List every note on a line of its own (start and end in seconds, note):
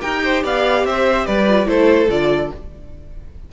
0.00 0.44 D#4
0.00 1.46 G4
0.00 0.22 A#4
0.00 0.42 G5
0.23 0.44 C5
0.44 0.84 B3
0.44 0.85 D5
0.44 0.86 F5
0.84 1.26 C4
0.84 1.26 C5
0.84 1.26 E5
1.26 1.67 G3
1.26 1.68 B4
1.26 1.67 D5
1.48 1.65 F4
1.65 2.08 A3
1.65 2.07 E4
1.65 2.52 A4
1.65 2.09 C5
2.09 2.51 D3
2.09 2.51 F4
2.09 2.52 D5